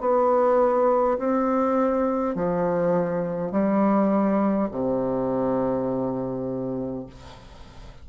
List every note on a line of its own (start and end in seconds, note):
0.00 1.18 B3
1.18 2.35 C4
2.35 3.51 F3
3.51 4.69 G3
4.71 7.06 C3